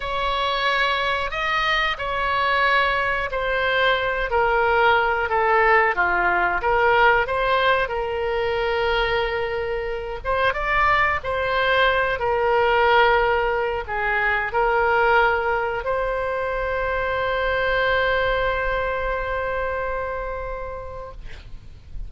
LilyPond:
\new Staff \with { instrumentName = "oboe" } { \time 4/4 \tempo 4 = 91 cis''2 dis''4 cis''4~ | cis''4 c''4. ais'4. | a'4 f'4 ais'4 c''4 | ais'2.~ ais'8 c''8 |
d''4 c''4. ais'4.~ | ais'4 gis'4 ais'2 | c''1~ | c''1 | }